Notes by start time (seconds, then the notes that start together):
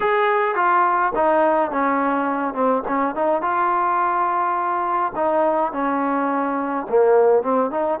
0.00 G#4
0.55 F4
1.15 D#4
1.71 C#4
2.54 C4
2.87 C#4
3.15 D#4
3.41 F4
5.15 D#4
5.72 C#4
6.89 A#3
7.42 C4
7.70 D#4